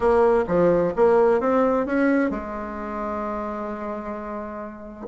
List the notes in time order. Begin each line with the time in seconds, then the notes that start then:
0.00 A#3
0.47 F3
0.96 A#3
1.40 C4
1.85 C#4
2.30 G#3